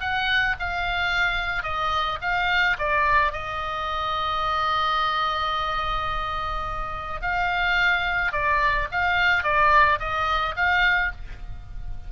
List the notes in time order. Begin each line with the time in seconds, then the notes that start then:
0.00 F#5
0.59 F5
1.63 D#5
2.21 F5
2.79 D5
3.32 D#5
7.21 F5
8.32 D5
8.91 F5
9.43 D5
9.99 D#5
10.56 F5